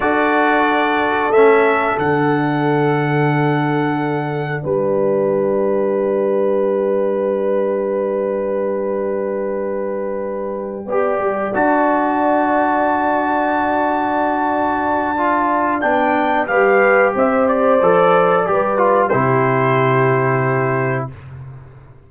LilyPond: <<
  \new Staff \with { instrumentName = "trumpet" } { \time 4/4 \tempo 4 = 91 d''2 e''4 fis''4~ | fis''2. g''4~ | g''1~ | g''1~ |
g''4. a''2~ a''8~ | a''1 | g''4 f''4 e''8 d''4.~ | d''4 c''2. | }
  \new Staff \with { instrumentName = "horn" } { \time 4/4 a'1~ | a'2. b'4~ | b'1~ | b'1~ |
b'8 d''2.~ d''8~ | d''1~ | d''4 b'4 c''2 | b'4 g'2. | }
  \new Staff \with { instrumentName = "trombone" } { \time 4/4 fis'2 cis'4 d'4~ | d'1~ | d'1~ | d'1~ |
d'8 g'4 fis'2~ fis'8~ | fis'2. f'4 | d'4 g'2 a'4 | g'8 f'8 e'2. | }
  \new Staff \with { instrumentName = "tuba" } { \time 4/4 d'2 a4 d4~ | d2. g4~ | g1~ | g1~ |
g8 b8 g8 d'2~ d'8~ | d'1 | b4 g4 c'4 f4 | g4 c2. | }
>>